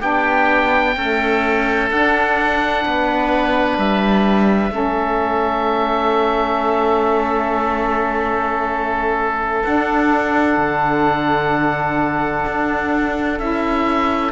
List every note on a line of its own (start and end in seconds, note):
0.00 0.96 B3
0.00 0.95 D4
0.00 0.94 G4
0.00 1.89 G5
0.96 1.91 A3
0.96 1.90 C#4
0.96 2.84 A4
1.90 2.84 D4
1.90 4.70 D4
1.90 3.78 F#5
2.85 3.77 B3
2.85 4.73 B4
3.77 4.70 G3
3.77 9.64 E5
4.70 9.62 A3
4.70 9.62 C#4
4.70 14.31 A4
9.64 13.38 D4
9.64 10.57 D4
9.64 13.38 F#5
10.57 12.44 D3
12.46 13.39 D4
13.38 14.31 C#4
13.38 14.31 E4
13.38 14.31 E5